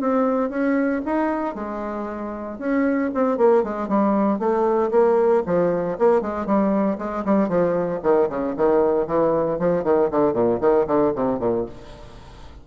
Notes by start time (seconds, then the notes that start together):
0.00 C4
0.50 C#4
1.05 D#4
1.55 G#3
2.58 C#4
3.14 C4
3.37 A#3
3.63 G#3
3.88 G3
4.39 A3
4.91 A#3
5.46 F3
5.98 A#3
6.21 G#3
6.46 G3
6.98 G#3
7.25 G3
7.48 F3
8.03 D#3
8.29 C#3
8.56 D#3
9.07 E3
9.59 F3
9.84 D#3
10.11 D3
10.33 A#2
10.60 D#3
10.87 D3
11.15 C3
11.39 A#2